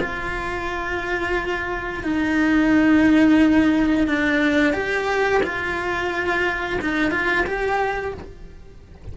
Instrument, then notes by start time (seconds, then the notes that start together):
cello
0.00 F4
2.03 D#4
4.07 D4
4.73 G4
5.43 F4
6.81 D#4
7.10 F4
7.46 G4